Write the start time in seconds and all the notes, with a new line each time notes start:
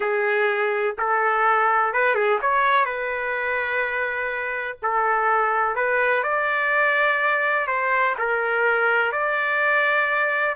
0.00 G#4
0.98 A4
1.93 B4
2.14 G#4
2.41 C#5
2.85 B4
4.82 A4
5.75 B4
6.23 D5
7.67 C5
8.18 A#4
9.12 D5